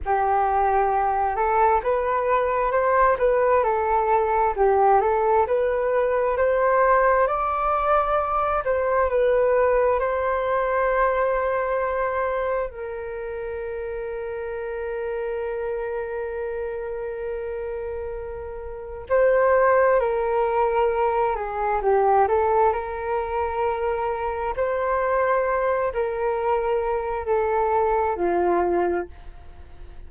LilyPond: \new Staff \with { instrumentName = "flute" } { \time 4/4 \tempo 4 = 66 g'4. a'8 b'4 c''8 b'8 | a'4 g'8 a'8 b'4 c''4 | d''4. c''8 b'4 c''4~ | c''2 ais'2~ |
ais'1~ | ais'4 c''4 ais'4. gis'8 | g'8 a'8 ais'2 c''4~ | c''8 ais'4. a'4 f'4 | }